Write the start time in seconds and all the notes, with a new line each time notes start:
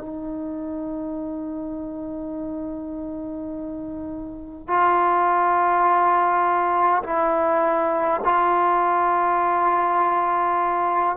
0.00 D#4
4.67 F4
7.03 E4
8.25 F4